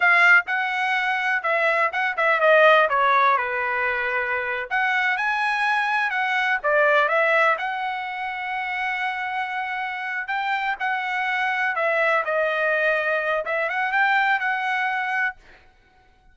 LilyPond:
\new Staff \with { instrumentName = "trumpet" } { \time 4/4 \tempo 4 = 125 f''4 fis''2 e''4 | fis''8 e''8 dis''4 cis''4 b'4~ | b'4.~ b'16 fis''4 gis''4~ gis''16~ | gis''8. fis''4 d''4 e''4 fis''16~ |
fis''1~ | fis''4. g''4 fis''4.~ | fis''8 e''4 dis''2~ dis''8 | e''8 fis''8 g''4 fis''2 | }